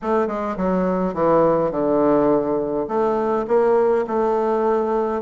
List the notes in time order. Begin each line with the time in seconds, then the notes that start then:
0.02 A3
0.27 G#3
0.56 F#3
1.14 E3
1.71 D3
2.87 A3
3.47 A#3
4.07 A3